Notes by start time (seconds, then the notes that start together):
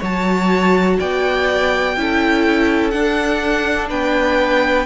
0.00 F#3 F#4 C#5 A5
0.99 B3 D5 G5
1.97 C#4 E4 A4
2.91 D4 F#5
3.90 B3 B4 G5